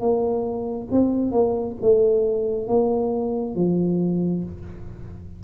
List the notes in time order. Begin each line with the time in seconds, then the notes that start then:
0.00 A#3
0.91 C4
1.32 A#3
1.82 A3
2.68 A#3
3.55 F3